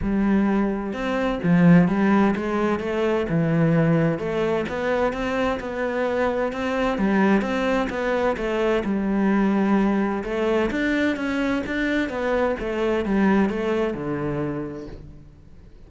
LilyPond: \new Staff \with { instrumentName = "cello" } { \time 4/4 \tempo 4 = 129 g2 c'4 f4 | g4 gis4 a4 e4~ | e4 a4 b4 c'4 | b2 c'4 g4 |
c'4 b4 a4 g4~ | g2 a4 d'4 | cis'4 d'4 b4 a4 | g4 a4 d2 | }